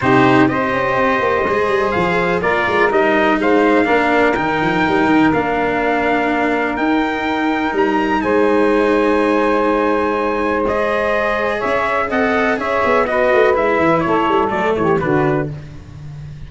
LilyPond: <<
  \new Staff \with { instrumentName = "trumpet" } { \time 4/4 \tempo 4 = 124 c''4 dis''2. | f''4 d''4 dis''4 f''4~ | f''4 g''2 f''4~ | f''2 g''2 |
ais''4 gis''2.~ | gis''2 dis''2 | e''4 fis''4 e''4 dis''4 | e''4 cis''4 d''8 cis''8 b'4 | }
  \new Staff \with { instrumentName = "saxophone" } { \time 4/4 g'4 c''2.~ | c''4 ais'2 c''4 | ais'1~ | ais'1~ |
ais'4 c''2.~ | c''1 | cis''4 dis''4 cis''4 b'4~ | b'4 a'4. g'8 fis'4 | }
  \new Staff \with { instrumentName = "cello" } { \time 4/4 dis'4 g'2 gis'4~ | gis'4 f'4 dis'2 | d'4 dis'2 d'4~ | d'2 dis'2~ |
dis'1~ | dis'2 gis'2~ | gis'4 a'4 gis'4 fis'4 | e'2 a4 d'4 | }
  \new Staff \with { instrumentName = "tuba" } { \time 4/4 c4 c'8 cis'8 c'8 ais8 gis8 g8 | f4 ais8 gis8 g4 gis4 | ais4 dis8 f8 g8 dis8 ais4~ | ais2 dis'2 |
g4 gis2.~ | gis1 | cis'4 c'4 cis'8 b4 a8 | gis8 e8 a8 g8 fis8 e8 d4 | }
>>